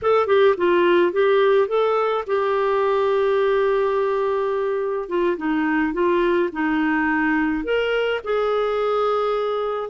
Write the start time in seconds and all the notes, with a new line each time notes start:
0.02 A4
0.27 G4
0.57 F4
1.12 G4
1.67 A4
2.26 G4
5.08 F4
5.37 D#4
5.93 F4
6.52 D#4
7.64 A#4
8.24 G#4